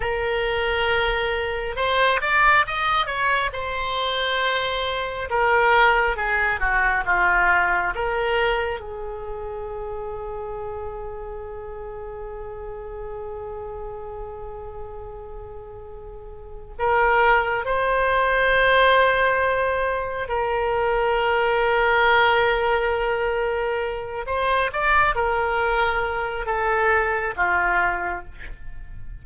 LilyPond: \new Staff \with { instrumentName = "oboe" } { \time 4/4 \tempo 4 = 68 ais'2 c''8 d''8 dis''8 cis''8 | c''2 ais'4 gis'8 fis'8 | f'4 ais'4 gis'2~ | gis'1~ |
gis'2. ais'4 | c''2. ais'4~ | ais'2.~ ais'8 c''8 | d''8 ais'4. a'4 f'4 | }